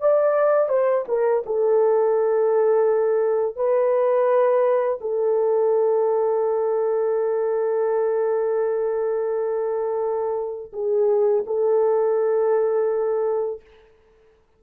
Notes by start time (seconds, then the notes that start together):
0.00 D5
0.69 C5
1.08 A#4
1.46 A4
3.56 B4
5.01 A4
10.73 G#4
11.46 A4